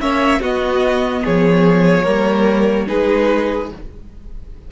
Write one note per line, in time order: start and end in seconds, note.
0.00 0.41 A#3
0.00 0.41 C#4
0.00 0.41 C#5
0.00 0.42 E5
0.41 1.24 B3
0.41 2.05 B3
0.41 1.23 F#4
0.41 1.26 D#5
1.24 2.06 F3
1.24 2.04 G#4
1.24 2.89 C#5
2.04 2.88 G3
2.04 2.87 A#3
2.04 2.86 A#4
2.87 3.72 G#3
2.87 3.70 D#4
2.87 3.71 G#4
2.87 3.71 B4